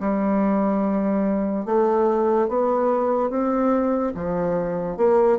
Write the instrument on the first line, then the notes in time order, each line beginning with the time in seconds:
bassoon
0.00 G3
1.66 A3
2.48 B3
3.30 C4
4.15 F3
4.97 A#3